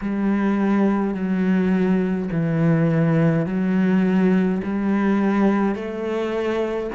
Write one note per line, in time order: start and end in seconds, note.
0.01 1.14 G3
1.14 2.29 F#3
2.31 3.46 E3
3.46 4.61 F#3
4.63 5.75 G3
5.75 6.90 A3